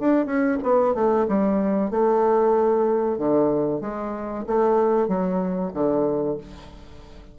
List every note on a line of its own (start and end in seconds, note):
0.00 0.26 D4
0.26 0.58 C#4
0.63 0.95 B3
0.95 1.27 A3
1.29 1.91 G3
1.91 3.18 A3
3.18 3.82 D3
3.82 4.45 G#3
4.47 5.08 A3
5.08 5.72 F#3
5.74 6.38 D3